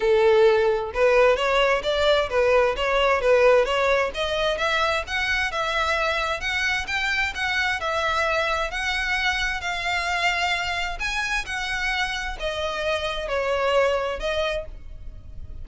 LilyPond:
\new Staff \with { instrumentName = "violin" } { \time 4/4 \tempo 4 = 131 a'2 b'4 cis''4 | d''4 b'4 cis''4 b'4 | cis''4 dis''4 e''4 fis''4 | e''2 fis''4 g''4 |
fis''4 e''2 fis''4~ | fis''4 f''2. | gis''4 fis''2 dis''4~ | dis''4 cis''2 dis''4 | }